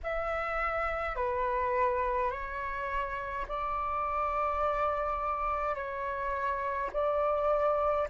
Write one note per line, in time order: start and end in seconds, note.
0.03 1.15 E5
1.15 2.30 B4
2.30 3.46 C#5
3.48 5.75 D5
5.75 6.90 C#5
6.92 8.08 D5